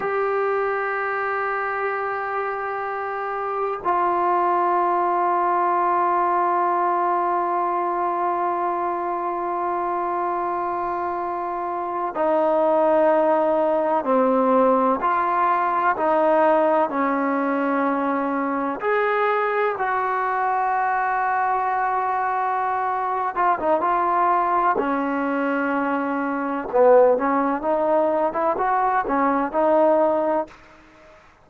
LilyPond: \new Staff \with { instrumentName = "trombone" } { \time 4/4 \tempo 4 = 63 g'1 | f'1~ | f'1~ | f'8. dis'2 c'4 f'16~ |
f'8. dis'4 cis'2 gis'16~ | gis'8. fis'2.~ fis'16~ | fis'8 f'16 dis'16 f'4 cis'2 | b8 cis'8 dis'8. e'16 fis'8 cis'8 dis'4 | }